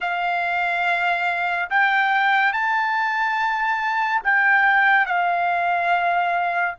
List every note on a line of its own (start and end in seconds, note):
0.00 1.69 F5
1.70 2.52 G5
2.52 4.21 A5
4.23 5.06 G5
5.06 6.75 F5